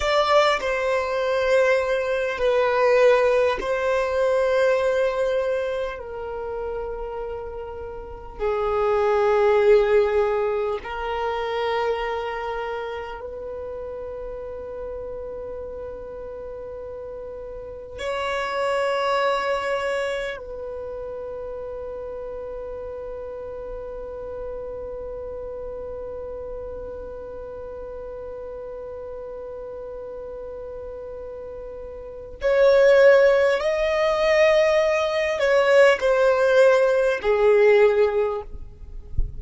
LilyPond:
\new Staff \with { instrumentName = "violin" } { \time 4/4 \tempo 4 = 50 d''8 c''4. b'4 c''4~ | c''4 ais'2 gis'4~ | gis'4 ais'2 b'4~ | b'2. cis''4~ |
cis''4 b'2.~ | b'1~ | b'2. cis''4 | dis''4. cis''8 c''4 gis'4 | }